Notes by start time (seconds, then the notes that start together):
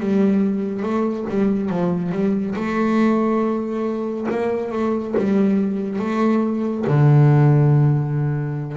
0.00 G3
0.83 A3
1.30 G3
1.69 F3
2.12 G3
2.56 A3
4.31 A#3
4.72 A3
5.17 G3
6.00 A3
6.88 D3